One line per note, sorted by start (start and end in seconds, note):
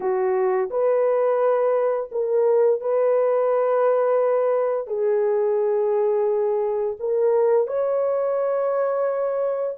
0.00 0.69 F#4
0.70 2.10 B4
2.11 2.80 A#4
2.80 4.87 B4
4.87 6.96 G#4
6.99 7.67 A#4
7.67 9.76 C#5